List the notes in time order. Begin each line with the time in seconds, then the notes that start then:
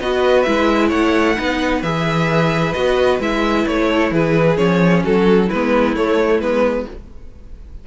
0.00 B3 F#4 B4 D#5
0.42 G#3 E4 E5
0.89 A3 C#5 F#5
1.36 B3 D#4 B4
1.83 E3 G#4 E5
2.73 B3 F#4 D#5
3.20 G#3 E4 E5
3.67 A3 C#5
3.88 A4
4.12 E3 G#4 B4
4.56 F3 C#4 C#5
5.04 F#3 F#4 A4
5.47 G#3 E4 B4
5.55 B3
5.96 A3 C#5
6.40 G#3 B3 B4